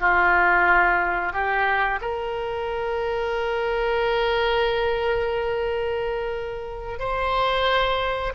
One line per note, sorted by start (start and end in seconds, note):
0.00 1.33 F4
1.33 2.00 G4
2.01 6.99 A#4
6.99 8.33 C5